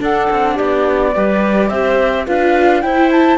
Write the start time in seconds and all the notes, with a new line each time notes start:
0.00 D4 A4 F#5
0.31 C4
0.55 B3 G4 D5
1.14 G3 G4 B4
1.69 C4 C5 E5
2.26 D4 F4 B4 F5
2.81 E4 C5 G5
3.12 A5